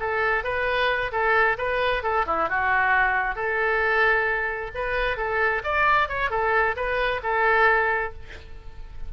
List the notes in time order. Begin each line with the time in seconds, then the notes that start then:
0.00 A4
0.44 B4
1.12 A4
1.58 B4
2.03 A4
2.26 E4
2.49 F#4
3.35 A4
4.75 B4
5.17 A4
5.64 D5
6.09 C#5
6.30 A4
6.76 B4
7.23 A4